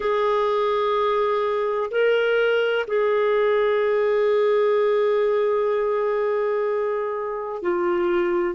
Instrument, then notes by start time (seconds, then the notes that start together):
clarinet
0.00 G#4
1.90 A#4
2.87 G#4
7.62 F4